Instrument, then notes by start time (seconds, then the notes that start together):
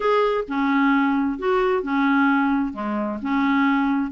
clarinet
0.00 G#4
0.47 C#4
1.38 F#4
1.82 C#4
2.73 G#3
3.22 C#4